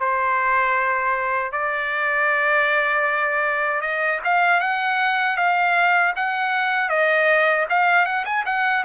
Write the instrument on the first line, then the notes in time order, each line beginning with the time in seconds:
trumpet
0.00 C5
1.52 D5
3.81 D#5
4.25 F5
4.60 F#5
5.37 F5
6.16 F#5
6.89 D#5
7.70 F5
8.06 F#5
8.26 G#5
8.46 F#5